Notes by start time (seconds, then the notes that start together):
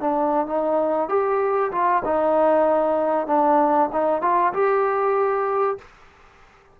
0.00 D4
0.46 D#4
1.09 G4
1.71 F4
2.05 D#4
3.27 D4
3.92 D#4
4.21 F4
4.53 G4